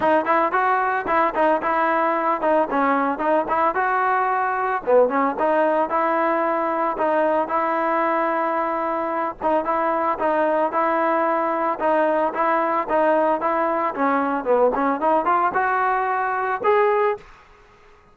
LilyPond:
\new Staff \with { instrumentName = "trombone" } { \time 4/4 \tempo 4 = 112 dis'8 e'8 fis'4 e'8 dis'8 e'4~ | e'8 dis'8 cis'4 dis'8 e'8 fis'4~ | fis'4 b8 cis'8 dis'4 e'4~ | e'4 dis'4 e'2~ |
e'4. dis'8 e'4 dis'4 | e'2 dis'4 e'4 | dis'4 e'4 cis'4 b8 cis'8 | dis'8 f'8 fis'2 gis'4 | }